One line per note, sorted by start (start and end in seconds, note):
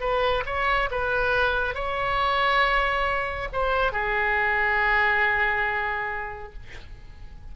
0.00 0.43 B4
0.46 0.89 C#5
0.91 1.75 B4
1.75 3.48 C#5
3.53 3.92 C5
3.92 6.53 G#4